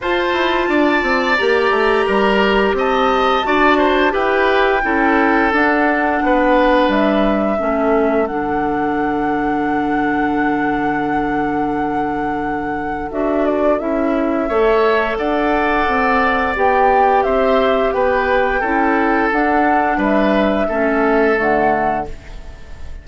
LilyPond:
<<
  \new Staff \with { instrumentName = "flute" } { \time 4/4 \tempo 4 = 87 a''2 ais''2 | a''2 g''2 | fis''2 e''2 | fis''1~ |
fis''2. e''8 d''8 | e''2 fis''2 | g''4 e''4 g''2 | fis''4 e''2 fis''4 | }
  \new Staff \with { instrumentName = "oboe" } { \time 4/4 c''4 d''2 ais'4 | dis''4 d''8 c''8 b'4 a'4~ | a'4 b'2 a'4~ | a'1~ |
a'1~ | a'4 cis''4 d''2~ | d''4 c''4 b'4 a'4~ | a'4 b'4 a'2 | }
  \new Staff \with { instrumentName = "clarinet" } { \time 4/4 f'2 g'2~ | g'4 fis'4 g'4 e'4 | d'2. cis'4 | d'1~ |
d'2. fis'4 | e'4 a'2. | g'2. e'4 | d'2 cis'4 a4 | }
  \new Staff \with { instrumentName = "bassoon" } { \time 4/4 f'8 e'8 d'8 c'8 ais8 a8 g4 | c'4 d'4 e'4 cis'4 | d'4 b4 g4 a4 | d1~ |
d2. d'4 | cis'4 a4 d'4 c'4 | b4 c'4 b4 cis'4 | d'4 g4 a4 d4 | }
>>